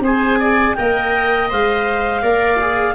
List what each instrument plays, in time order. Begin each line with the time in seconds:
0.00 tuba C4, viola G#4, oboe C5, clarinet G#5
0.39 oboe D5
0.75 tuba A#3, viola A#4, oboe D#5, clarinet G5
1.50 tuba G#3, viola C5, clarinet F5
2.22 tuba A#3, viola A#4, oboe D5
2.61 viola G#4